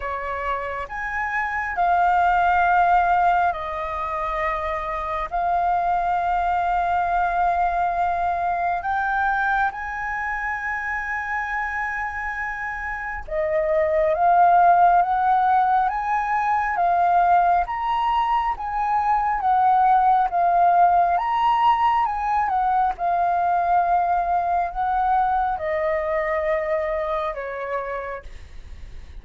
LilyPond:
\new Staff \with { instrumentName = "flute" } { \time 4/4 \tempo 4 = 68 cis''4 gis''4 f''2 | dis''2 f''2~ | f''2 g''4 gis''4~ | gis''2. dis''4 |
f''4 fis''4 gis''4 f''4 | ais''4 gis''4 fis''4 f''4 | ais''4 gis''8 fis''8 f''2 | fis''4 dis''2 cis''4 | }